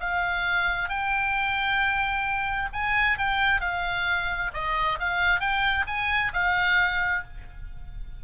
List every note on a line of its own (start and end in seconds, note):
0.00 0.89 F5
0.89 2.69 G5
2.73 3.18 G#5
3.18 3.61 G5
3.61 4.51 F5
4.54 4.99 D#5
4.99 5.40 F5
5.40 5.85 G5
5.87 6.32 G#5
6.33 7.23 F5